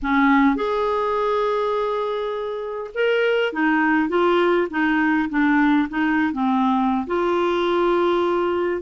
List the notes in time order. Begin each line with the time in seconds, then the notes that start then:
0.02 C#4
0.55 G#4
2.94 A#4
3.52 D#4
4.09 F4
4.70 D#4
5.29 D4
5.89 D#4
6.32 C4
7.06 F4